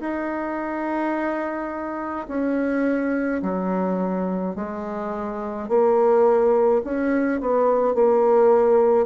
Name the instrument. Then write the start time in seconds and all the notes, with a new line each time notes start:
bassoon
0.00 D#4
2.28 C#4
3.42 F#3
4.55 G#3
5.69 A#3
6.84 C#4
7.40 B3
7.95 A#3